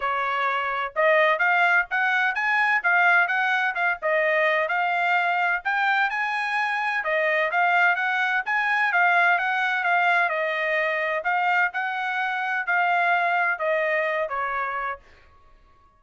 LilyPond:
\new Staff \with { instrumentName = "trumpet" } { \time 4/4 \tempo 4 = 128 cis''2 dis''4 f''4 | fis''4 gis''4 f''4 fis''4 | f''8 dis''4. f''2 | g''4 gis''2 dis''4 |
f''4 fis''4 gis''4 f''4 | fis''4 f''4 dis''2 | f''4 fis''2 f''4~ | f''4 dis''4. cis''4. | }